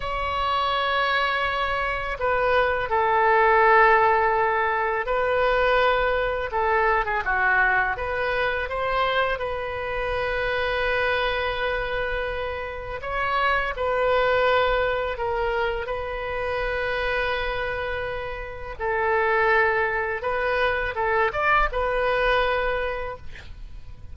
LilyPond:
\new Staff \with { instrumentName = "oboe" } { \time 4/4 \tempo 4 = 83 cis''2. b'4 | a'2. b'4~ | b'4 a'8. gis'16 fis'4 b'4 | c''4 b'2.~ |
b'2 cis''4 b'4~ | b'4 ais'4 b'2~ | b'2 a'2 | b'4 a'8 d''8 b'2 | }